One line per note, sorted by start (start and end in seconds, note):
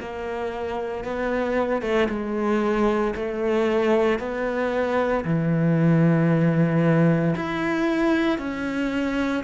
0.00 1.04 A#3
1.04 1.82 B3
1.82 2.08 A3
2.09 3.14 G#3
3.15 4.19 A3
4.19 5.24 B3
5.24 7.35 E3
7.35 8.38 E4
8.38 9.43 C#4